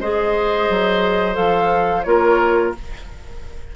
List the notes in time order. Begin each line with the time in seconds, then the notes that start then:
0.00 G#3 G#4 C5 D#5
0.69 F#3
1.34 F3 A4 F5
2.04 A#3 F4 A#4 C#5